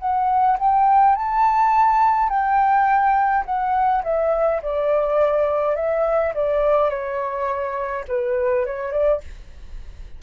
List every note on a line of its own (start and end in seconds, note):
0.00 0.58 F#5
0.59 1.16 G5
1.16 2.30 A5
2.30 3.45 G5
3.46 4.03 F#5
4.04 4.62 E5
4.62 5.76 D5
5.76 6.34 E5
6.35 6.90 D5
6.90 8.05 C#5
8.08 8.66 B4
8.66 8.92 C#5
8.92 9.21 D5